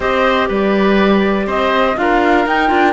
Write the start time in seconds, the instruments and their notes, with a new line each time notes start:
0.00 cello C4, clarinet G4, oboe C5, flute D#5
0.48 cello G3, oboe B4, flute D5
1.46 cello C4, oboe C5, flute D#5
1.96 cello D4, clarinet F4, oboe A#4, flute F5
2.46 cello D#4, clarinet D#4, flute G5
2.67 cello D4, clarinet F4